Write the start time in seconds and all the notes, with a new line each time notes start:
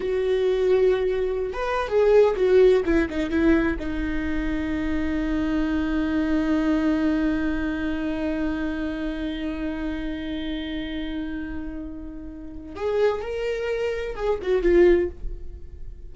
0.00 F#4
1.53 B4
1.88 G#4
2.36 F#4
2.85 E4
3.09 D#4
3.29 E4
3.79 D#4
12.75 G#4
13.21 A#4
14.15 G#4
14.41 F#4
14.62 F4